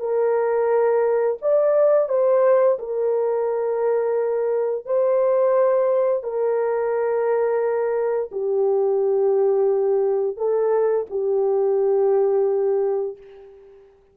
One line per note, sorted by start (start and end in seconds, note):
0.00 1.38 A#4
1.42 2.09 D5
2.09 2.78 C5
2.79 4.86 A#4
4.86 6.24 C5
6.24 8.30 A#4
8.32 10.37 G4
10.37 11.06 A4
11.11 13.18 G4